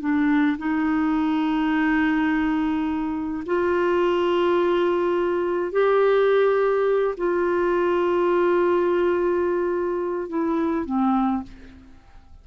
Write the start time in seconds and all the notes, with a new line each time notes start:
0.00 D4
0.58 D#4
3.46 F4
5.72 G4
7.17 F4
10.29 E4
10.86 C4